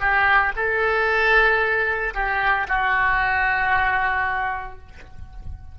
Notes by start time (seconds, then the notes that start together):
0.00 G4
0.56 A4
2.14 G4
2.68 F#4